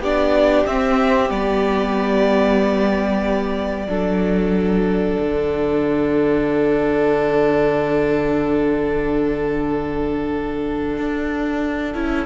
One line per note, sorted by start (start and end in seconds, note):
0.00 0.65 B3
0.00 0.68 D4
0.00 3.87 G4
0.00 0.67 D5
0.67 1.30 C4
0.67 1.30 E5
1.30 3.88 G3
1.30 3.88 B3
1.30 5.17 D5
3.88 5.18 F#3
3.88 11.94 D4
3.88 12.27 A4
5.17 10.98 D3
5.17 12.27 F#5
10.98 11.95 D4
11.94 12.27 C#4
11.94 12.26 E4